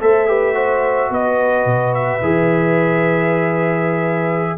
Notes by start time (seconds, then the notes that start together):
0.00 A3 A4 C5 E5
0.27 G4 B4
0.54 F#4 C5
1.10 B3 B4 D#5
1.65 B2
1.94 E5
2.21 E3 G#4